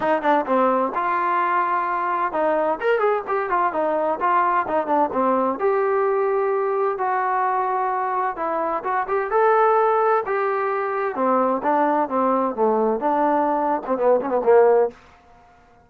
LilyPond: \new Staff \with { instrumentName = "trombone" } { \time 4/4 \tempo 4 = 129 dis'8 d'8 c'4 f'2~ | f'4 dis'4 ais'8 gis'8 g'8 f'8 | dis'4 f'4 dis'8 d'8 c'4 | g'2. fis'4~ |
fis'2 e'4 fis'8 g'8 | a'2 g'2 | c'4 d'4 c'4 a4 | d'4.~ d'16 c'16 b8 cis'16 b16 ais4 | }